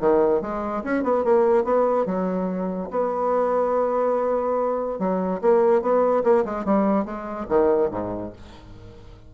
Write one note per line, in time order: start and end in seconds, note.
0.00 0.42 D#3
0.42 0.84 G#3
0.84 1.04 C#4
1.04 1.24 B3
1.24 1.65 A#3
1.65 2.06 B3
2.06 2.89 F#3
2.91 4.99 B3
4.99 5.41 F#3
5.42 5.82 A#3
5.82 6.23 B3
6.24 6.45 A#3
6.45 6.65 G#3
6.65 7.05 G3
7.05 7.47 G#3
7.49 7.91 D#3
7.91 8.33 G#2